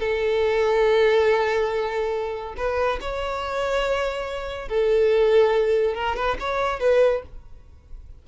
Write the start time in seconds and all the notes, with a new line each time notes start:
0.00 A4
2.57 B4
3.01 C#5
4.69 A4
5.95 A#4
6.17 B4
6.40 C#5
6.80 B4